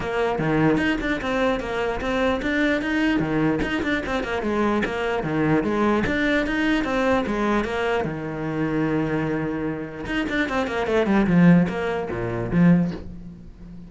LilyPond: \new Staff \with { instrumentName = "cello" } { \time 4/4 \tempo 4 = 149 ais4 dis4 dis'8 d'8 c'4 | ais4 c'4 d'4 dis'4 | dis4 dis'8 d'8 c'8 ais8 gis4 | ais4 dis4 gis4 d'4 |
dis'4 c'4 gis4 ais4 | dis1~ | dis4 dis'8 d'8 c'8 ais8 a8 g8 | f4 ais4 ais,4 f4 | }